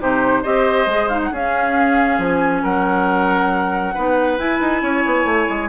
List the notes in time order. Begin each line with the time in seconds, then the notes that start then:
0.00 C3 D#4 G4 C5
0.42 C4 G4 C5 D#5
0.87 G#3 G#4
1.09 D#4 F5
1.24 F#5
1.32 C#4 G#4 F5
2.19 F3 G#5
2.63 F#3 A#4 F#5
3.94 B3 D#4 B4
4.38 E4 G#5
4.61 D#4
4.82 C#4 C#5
5.06 B3
5.25 A3
5.49 G#3